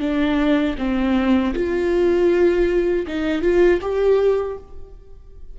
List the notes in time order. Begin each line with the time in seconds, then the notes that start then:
0.00 D4
0.78 C4
1.54 F4
3.07 D#4
3.42 F4
3.81 G4